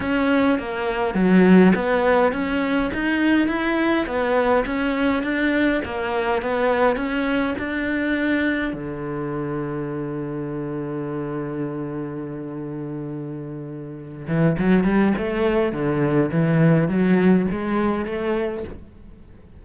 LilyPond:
\new Staff \with { instrumentName = "cello" } { \time 4/4 \tempo 4 = 103 cis'4 ais4 fis4 b4 | cis'4 dis'4 e'4 b4 | cis'4 d'4 ais4 b4 | cis'4 d'2 d4~ |
d1~ | d1~ | d8 e8 fis8 g8 a4 d4 | e4 fis4 gis4 a4 | }